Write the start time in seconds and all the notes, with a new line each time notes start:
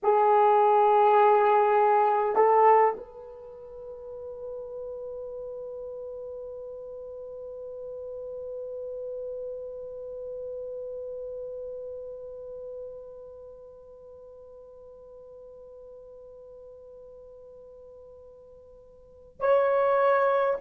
0.02 G#4
2.35 A4
2.97 B4
19.40 C#5